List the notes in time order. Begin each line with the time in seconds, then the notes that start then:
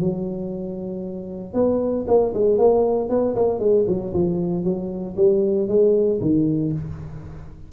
0.00 F#3
1.54 B3
2.08 A#3
2.34 G#3
2.58 A#3
3.10 B3
3.36 A#3
3.59 G#3
3.87 F#3
4.14 F3
4.64 F#3
5.17 G3
5.68 G#3
6.21 D#3